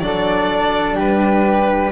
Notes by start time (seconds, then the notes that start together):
0.00 F#3 D4 A4 D5
0.96 G3 G4 B4